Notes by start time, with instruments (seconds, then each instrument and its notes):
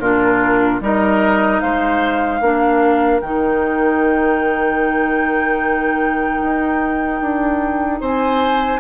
0.00 bassoon A#2, clarinet D4, oboe F4, flute A#4
0.81 bassoon G3, clarinet D#4, oboe A#4, flute D#5
1.61 bassoon G#3, oboe C5, flute F5
2.41 bassoon A#3, clarinet D4, oboe A#4
3.21 bassoon D#3, clarinet D#4, flute G5
6.42 bassoon D#4
7.21 bassoon D4
8.01 bassoon C4, oboe C5, flute G#5